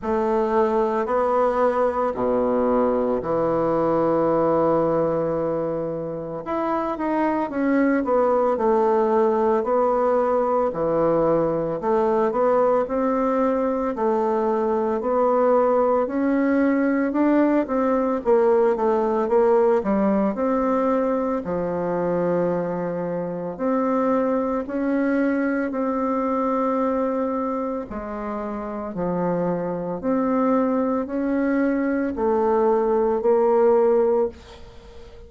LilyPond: \new Staff \with { instrumentName = "bassoon" } { \time 4/4 \tempo 4 = 56 a4 b4 b,4 e4~ | e2 e'8 dis'8 cis'8 b8 | a4 b4 e4 a8 b8 | c'4 a4 b4 cis'4 |
d'8 c'8 ais8 a8 ais8 g8 c'4 | f2 c'4 cis'4 | c'2 gis4 f4 | c'4 cis'4 a4 ais4 | }